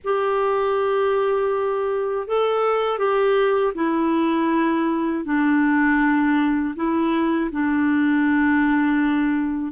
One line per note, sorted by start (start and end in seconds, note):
0.03 2.27 G4
2.27 2.98 A4
2.98 3.73 G4
3.74 5.24 E4
5.25 6.75 D4
6.75 7.50 E4
7.51 9.72 D4